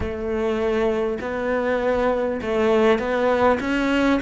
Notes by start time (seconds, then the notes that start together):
0.00 A3
1.21 B3
2.41 A3
2.98 B3
3.60 C#4